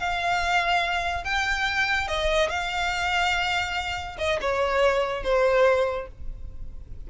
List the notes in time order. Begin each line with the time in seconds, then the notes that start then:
0.00 F5
1.25 G5
2.08 D#5
2.50 F5
4.19 D#5
4.42 C#5
5.24 C5